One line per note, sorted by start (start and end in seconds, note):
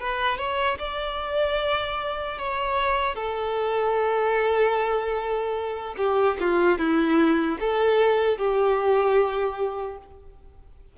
0.00 0.38 B4
0.38 0.78 C#5
0.78 2.38 D5
2.38 3.15 C#5
3.15 5.95 A4
5.97 6.37 G4
6.40 6.78 F4
6.78 7.58 E4
7.60 8.37 A4
8.37 9.97 G4